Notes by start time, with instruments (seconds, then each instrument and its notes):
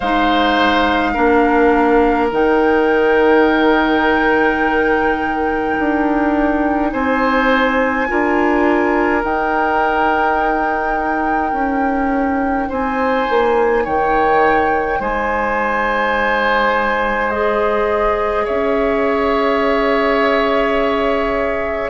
0.00 bassoon G#3, clarinet D#4, oboe C5, flute F5
1.13 bassoon A#3, clarinet D4, oboe A#4
2.31 bassoon D#3, clarinet D#4, flute G5
5.78 bassoon D4
6.91 bassoon C4, oboe C5, flute G#5
8.07 bassoon D4, clarinet F4, oboe A#4
9.21 clarinet D#4, bassoon D#4, flute G5
11.52 bassoon C#4
12.68 bassoon C4, oboe C5, flute G#5
13.29 bassoon A#3
13.84 bassoon D#3, oboe C#5, flute G5
14.99 bassoon G#3, oboe C5, flute G#5
17.30 clarinet G#4, flute D#5
18.44 bassoon C#4, oboe C#5, flute E5